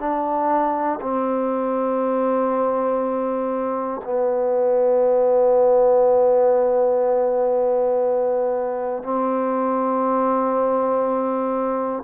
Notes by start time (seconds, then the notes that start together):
0.00 D4
1.02 C4
4.05 B3
9.04 C4